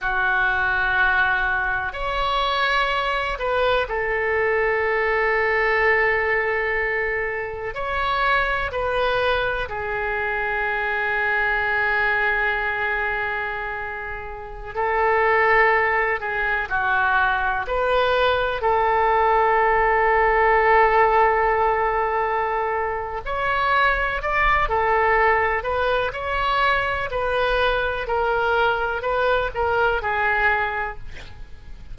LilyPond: \new Staff \with { instrumentName = "oboe" } { \time 4/4 \tempo 4 = 62 fis'2 cis''4. b'8 | a'1 | cis''4 b'4 gis'2~ | gis'2.~ gis'16 a'8.~ |
a'8. gis'8 fis'4 b'4 a'8.~ | a'1 | cis''4 d''8 a'4 b'8 cis''4 | b'4 ais'4 b'8 ais'8 gis'4 | }